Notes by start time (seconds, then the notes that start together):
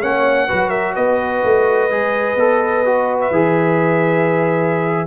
0.00 A#3 C#4 C#5 F#5
0.47 F#3 F#4 B4
0.69 A#4 E5
0.95 B3 B4 D#5
1.44 A3
1.90 G#3 G#4
2.35 B3 A4
2.85 F#4
3.20 E5
3.31 E3 G#4